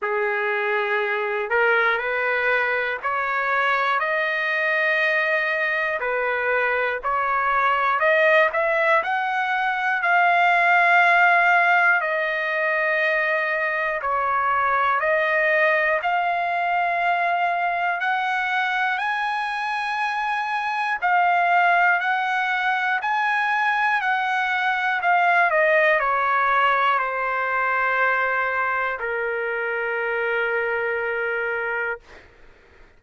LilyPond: \new Staff \with { instrumentName = "trumpet" } { \time 4/4 \tempo 4 = 60 gis'4. ais'8 b'4 cis''4 | dis''2 b'4 cis''4 | dis''8 e''8 fis''4 f''2 | dis''2 cis''4 dis''4 |
f''2 fis''4 gis''4~ | gis''4 f''4 fis''4 gis''4 | fis''4 f''8 dis''8 cis''4 c''4~ | c''4 ais'2. | }